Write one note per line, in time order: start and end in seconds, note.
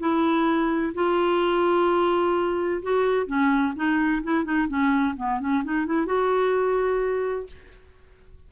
0.00 0.94 E4
0.95 2.82 F4
2.83 3.27 F#4
3.27 3.74 C#4
3.76 4.23 D#4
4.24 4.45 E4
4.45 4.68 D#4
4.68 5.15 C#4
5.17 5.40 B3
5.40 5.64 C#4
5.65 5.86 D#4
5.86 6.07 E4
6.07 7.47 F#4